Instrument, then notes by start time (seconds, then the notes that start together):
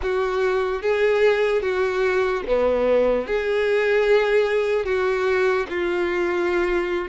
violin
0.02 F#4
0.82 G#4
1.61 F#4
2.47 B3
3.27 G#4
4.85 F#4
5.69 F4